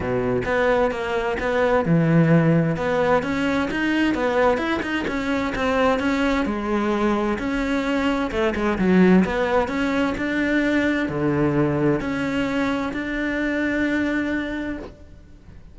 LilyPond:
\new Staff \with { instrumentName = "cello" } { \time 4/4 \tempo 4 = 130 b,4 b4 ais4 b4 | e2 b4 cis'4 | dis'4 b4 e'8 dis'8 cis'4 | c'4 cis'4 gis2 |
cis'2 a8 gis8 fis4 | b4 cis'4 d'2 | d2 cis'2 | d'1 | }